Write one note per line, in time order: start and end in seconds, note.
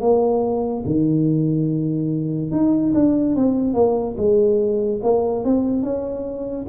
0.00 0.83 A#3
0.86 2.51 D#3
2.51 2.92 D#4
2.94 3.35 D4
3.35 3.73 C4
3.73 4.15 A#3
4.17 5.00 G#3
5.02 5.44 A#3
5.44 5.83 C4
5.83 6.66 C#4